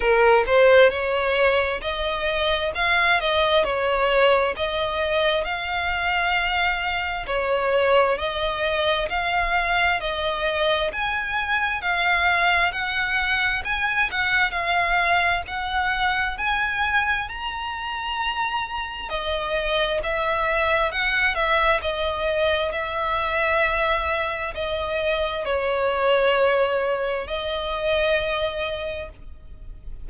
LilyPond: \new Staff \with { instrumentName = "violin" } { \time 4/4 \tempo 4 = 66 ais'8 c''8 cis''4 dis''4 f''8 dis''8 | cis''4 dis''4 f''2 | cis''4 dis''4 f''4 dis''4 | gis''4 f''4 fis''4 gis''8 fis''8 |
f''4 fis''4 gis''4 ais''4~ | ais''4 dis''4 e''4 fis''8 e''8 | dis''4 e''2 dis''4 | cis''2 dis''2 | }